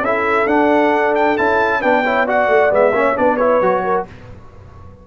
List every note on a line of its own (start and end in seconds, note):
0.00 0.45 C#4
0.00 0.48 E4
0.00 1.80 A4
0.00 0.47 E5
0.46 1.36 D4
0.46 1.37 D4
0.46 1.14 F#5
1.15 1.37 G5
1.37 1.83 C#4
1.37 1.82 E4
1.37 1.82 A5
1.80 2.48 B3
1.80 2.04 D4
1.80 2.03 B4
1.80 2.26 G5
2.04 2.27 E4
2.04 2.26 C#5
2.26 2.70 F#4
2.26 2.93 D5
2.26 2.73 F#5
2.48 2.70 A3
2.70 2.91 G#3
2.70 2.92 B3
2.70 3.17 E5
2.91 3.14 A#3
2.91 3.15 C#4
2.91 3.19 C#5
3.15 3.61 B3
3.15 3.38 D4
3.15 3.83 B4
3.15 3.36 D5
3.36 3.62 E4
3.36 4.03 C#5
3.61 4.06 F#3
3.61 4.07 F#4
3.83 4.06 A#4